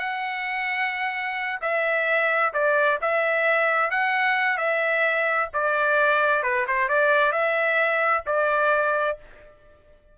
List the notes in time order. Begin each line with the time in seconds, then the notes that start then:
0.00 F#5
1.62 E5
2.54 D5
3.02 E5
3.91 F#5
4.58 E5
5.54 D5
6.44 B4
6.68 C5
6.89 D5
7.33 E5
8.27 D5